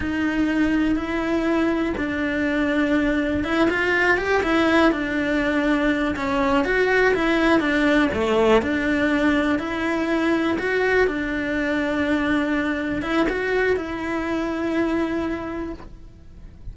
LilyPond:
\new Staff \with { instrumentName = "cello" } { \time 4/4 \tempo 4 = 122 dis'2 e'2 | d'2. e'8 f'8~ | f'8 g'8 e'4 d'2~ | d'8 cis'4 fis'4 e'4 d'8~ |
d'8 a4 d'2 e'8~ | e'4. fis'4 d'4.~ | d'2~ d'8 e'8 fis'4 | e'1 | }